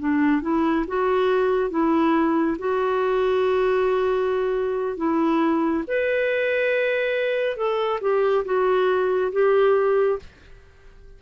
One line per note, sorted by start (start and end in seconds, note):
0.00 0.42 D4
0.42 0.86 E4
0.88 1.71 F#4
1.71 2.58 E4
2.59 4.98 F#4
4.98 5.85 E4
5.88 7.57 B4
7.57 8.00 A4
8.02 8.45 G4
8.45 9.32 F#4
9.33 10.20 G4